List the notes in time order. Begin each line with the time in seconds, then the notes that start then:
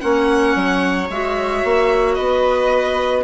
0.00 A#3 C#4 C#5 F#5
0.55 F#3
1.09 G#3 F#4 E5
1.64 A#3
2.15 B3 B4 D#5